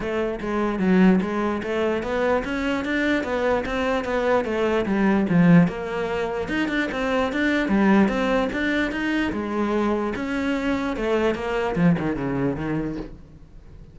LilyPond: \new Staff \with { instrumentName = "cello" } { \time 4/4 \tempo 4 = 148 a4 gis4 fis4 gis4 | a4 b4 cis'4 d'4 | b4 c'4 b4 a4 | g4 f4 ais2 |
dis'8 d'8 c'4 d'4 g4 | c'4 d'4 dis'4 gis4~ | gis4 cis'2 a4 | ais4 f8 dis8 cis4 dis4 | }